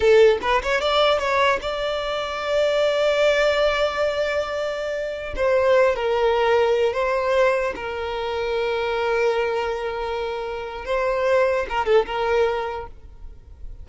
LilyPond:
\new Staff \with { instrumentName = "violin" } { \time 4/4 \tempo 4 = 149 a'4 b'8 cis''8 d''4 cis''4 | d''1~ | d''1~ | d''4~ d''16 c''4. ais'4~ ais'16~ |
ais'4~ ais'16 c''2 ais'8.~ | ais'1~ | ais'2. c''4~ | c''4 ais'8 a'8 ais'2 | }